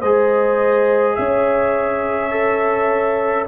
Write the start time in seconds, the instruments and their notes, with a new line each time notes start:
0.00 tuba G#3, trombone G#4, horn C5, trumpet D#5
1.15 tuba C#4, horn C#5, trumpet E5
2.30 trombone A4